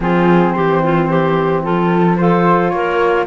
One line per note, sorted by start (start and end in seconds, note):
0.00 0.54 F3
0.00 2.17 C4
0.00 0.54 F4
0.00 0.52 G#4
0.52 1.66 E3
0.52 0.82 G4
0.52 1.61 C5
0.83 1.09 F4
1.09 1.63 G4
1.63 2.72 F3
1.63 2.17 F4
1.63 2.16 A4
2.16 3.26 F4
2.16 2.73 A4
2.16 2.69 C5
2.69 3.26 A#3
2.69 3.26 A#4
2.69 3.24 C#5